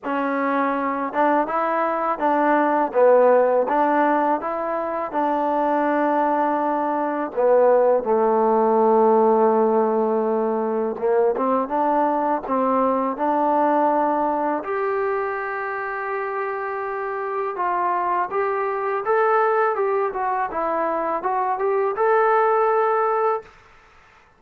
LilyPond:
\new Staff \with { instrumentName = "trombone" } { \time 4/4 \tempo 4 = 82 cis'4. d'8 e'4 d'4 | b4 d'4 e'4 d'4~ | d'2 b4 a4~ | a2. ais8 c'8 |
d'4 c'4 d'2 | g'1 | f'4 g'4 a'4 g'8 fis'8 | e'4 fis'8 g'8 a'2 | }